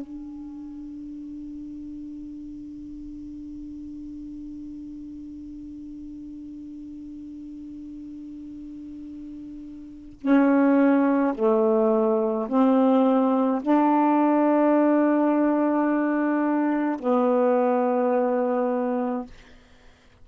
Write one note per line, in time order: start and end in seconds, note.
0.00 10.19 D4
10.20 11.34 C#4
11.34 12.47 A3
12.48 13.62 C4
13.62 16.99 D4
16.99 19.26 B3